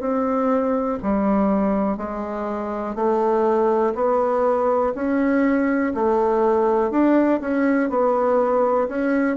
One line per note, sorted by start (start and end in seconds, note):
0.00 0.98 C4
1.03 1.97 G3
1.97 2.95 G#3
2.95 3.93 A3
3.95 4.93 B3
4.94 5.93 C#4
5.95 6.91 A3
6.91 7.40 D4
7.40 7.90 C#4
7.90 8.88 B3
8.88 9.37 C#4